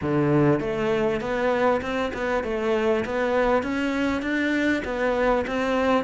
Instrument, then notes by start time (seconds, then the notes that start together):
cello
0.01 D3
0.60 A3
1.20 B3
1.81 C4
2.13 B3
2.43 A3
3.05 B3
3.62 C#4
4.21 D4
4.84 B3
5.47 C4